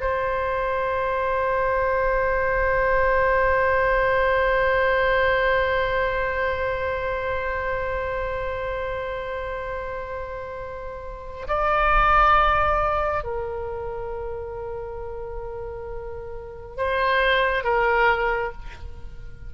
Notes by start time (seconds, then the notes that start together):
0.00 C5
11.47 D5
13.24 A#4
16.76 C5
17.64 A#4